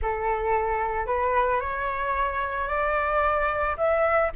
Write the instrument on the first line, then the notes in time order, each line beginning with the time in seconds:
flute
0.01 A4
1.06 B4
1.60 C#5
2.68 D5
3.77 E5